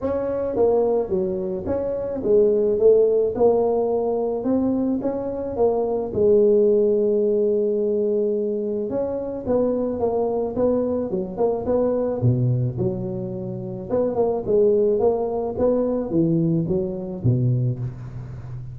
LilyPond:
\new Staff \with { instrumentName = "tuba" } { \time 4/4 \tempo 4 = 108 cis'4 ais4 fis4 cis'4 | gis4 a4 ais2 | c'4 cis'4 ais4 gis4~ | gis1 |
cis'4 b4 ais4 b4 | fis8 ais8 b4 b,4 fis4~ | fis4 b8 ais8 gis4 ais4 | b4 e4 fis4 b,4 | }